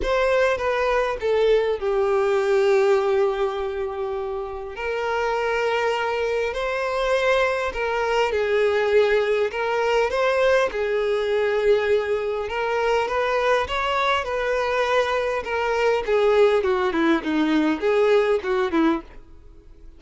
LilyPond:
\new Staff \with { instrumentName = "violin" } { \time 4/4 \tempo 4 = 101 c''4 b'4 a'4 g'4~ | g'1 | ais'2. c''4~ | c''4 ais'4 gis'2 |
ais'4 c''4 gis'2~ | gis'4 ais'4 b'4 cis''4 | b'2 ais'4 gis'4 | fis'8 e'8 dis'4 gis'4 fis'8 e'8 | }